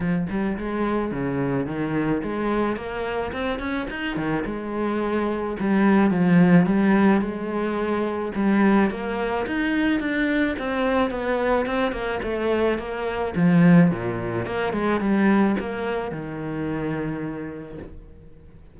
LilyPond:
\new Staff \with { instrumentName = "cello" } { \time 4/4 \tempo 4 = 108 f8 g8 gis4 cis4 dis4 | gis4 ais4 c'8 cis'8 dis'8 dis8 | gis2 g4 f4 | g4 gis2 g4 |
ais4 dis'4 d'4 c'4 | b4 c'8 ais8 a4 ais4 | f4 ais,4 ais8 gis8 g4 | ais4 dis2. | }